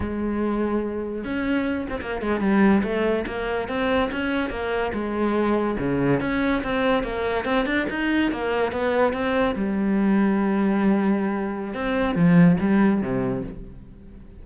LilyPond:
\new Staff \with { instrumentName = "cello" } { \time 4/4 \tempo 4 = 143 gis2. cis'4~ | cis'8 c'16 ais8 gis8 g4 a4 ais16~ | ais8. c'4 cis'4 ais4 gis16~ | gis4.~ gis16 cis4 cis'4 c'16~ |
c'8. ais4 c'8 d'8 dis'4 ais16~ | ais8. b4 c'4 g4~ g16~ | g1 | c'4 f4 g4 c4 | }